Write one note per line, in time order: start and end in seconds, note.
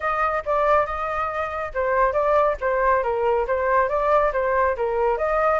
0.00 0.43 D#5
0.45 0.86 D5
0.86 1.72 D#5
1.74 2.12 C5
2.12 2.55 D5
2.61 3.03 C5
3.03 3.46 A#4
3.47 3.88 C5
3.88 4.31 D5
4.32 4.76 C5
4.76 5.17 A#4
5.17 5.59 D#5